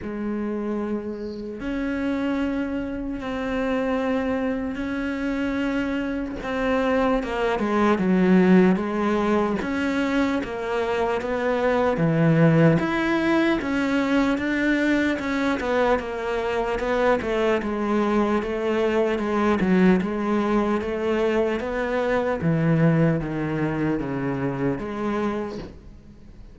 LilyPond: \new Staff \with { instrumentName = "cello" } { \time 4/4 \tempo 4 = 75 gis2 cis'2 | c'2 cis'2 | c'4 ais8 gis8 fis4 gis4 | cis'4 ais4 b4 e4 |
e'4 cis'4 d'4 cis'8 b8 | ais4 b8 a8 gis4 a4 | gis8 fis8 gis4 a4 b4 | e4 dis4 cis4 gis4 | }